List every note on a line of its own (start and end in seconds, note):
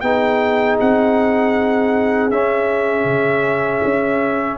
0.00 0.78 B3
0.00 2.31 D#4
0.00 4.57 G#4
0.00 0.76 G5
0.80 2.30 C4
0.80 2.31 F#5
2.30 3.04 C#4
2.30 4.57 C#4
2.30 4.57 E5
3.04 3.80 C#3
3.84 4.57 C#4